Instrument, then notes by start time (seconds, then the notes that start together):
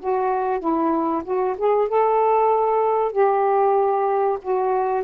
saxophone
0.00 F#4
0.59 E4
1.24 F#4
1.58 G#4
1.88 A4
3.12 G4
4.42 F#4